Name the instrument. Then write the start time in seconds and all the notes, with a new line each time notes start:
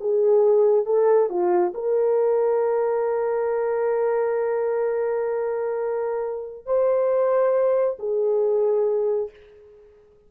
horn
0.00 G#4
0.85 A4
1.29 F4
1.74 A#4
6.66 C5
7.99 G#4